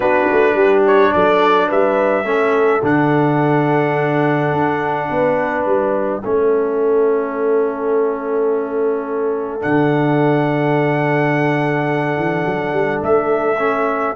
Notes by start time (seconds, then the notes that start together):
0.00 B3 D4 F#4 B4
0.31 A3
0.54 G3 G4
0.86 C#5
1.12 F#3 A4 D5
1.67 G3 B4 E5
2.24 A3 C#4 A4
2.82 D3 D4 F#5
4.52 D4
5.09 B3 B4
5.65 G3 E5
6.23 A3 C#4 A4
9.59 D3 D4 F#5
12.16 E3
12.45 F#3
12.72 G3
13.02 A3 E5
13.58 C#4